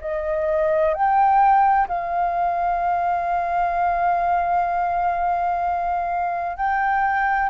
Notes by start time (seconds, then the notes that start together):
0.00 D#5
0.93 G5
1.87 F5
6.57 G5